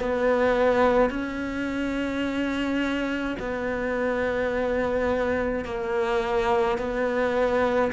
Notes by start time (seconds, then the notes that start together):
0.00 B3
1.10 C#4
3.40 B3
5.65 A#3
6.78 B3